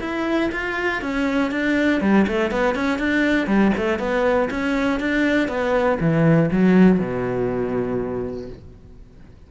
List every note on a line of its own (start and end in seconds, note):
0.00 0.50 E4
0.52 1.02 F4
1.02 1.51 C#4
1.51 2.01 D4
2.01 2.26 G3
2.27 2.51 A3
2.51 2.75 B3
2.75 2.99 C#4
2.99 3.47 D4
3.47 3.72 G3
3.77 3.99 A3
3.99 4.49 B3
4.50 5.00 C#4
5.00 5.48 D4
5.48 5.98 B3
6.00 6.50 E3
6.51 6.99 F#3
6.99 8.49 B2